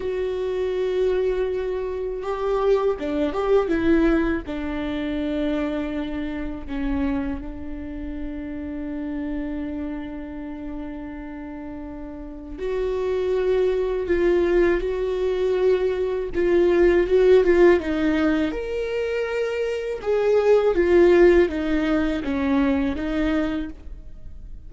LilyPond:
\new Staff \with { instrumentName = "viola" } { \time 4/4 \tempo 4 = 81 fis'2. g'4 | d'8 g'8 e'4 d'2~ | d'4 cis'4 d'2~ | d'1~ |
d'4 fis'2 f'4 | fis'2 f'4 fis'8 f'8 | dis'4 ais'2 gis'4 | f'4 dis'4 cis'4 dis'4 | }